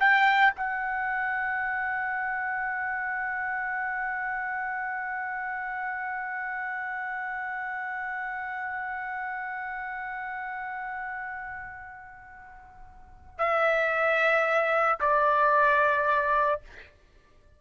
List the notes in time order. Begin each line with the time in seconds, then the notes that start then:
0.00 G5
0.56 F#5
13.39 E5
15.00 D5